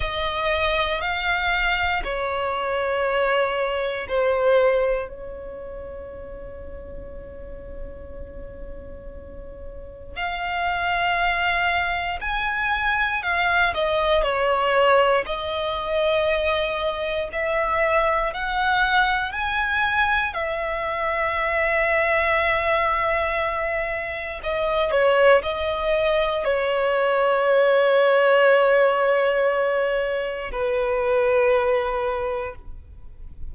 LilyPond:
\new Staff \with { instrumentName = "violin" } { \time 4/4 \tempo 4 = 59 dis''4 f''4 cis''2 | c''4 cis''2.~ | cis''2 f''2 | gis''4 f''8 dis''8 cis''4 dis''4~ |
dis''4 e''4 fis''4 gis''4 | e''1 | dis''8 cis''8 dis''4 cis''2~ | cis''2 b'2 | }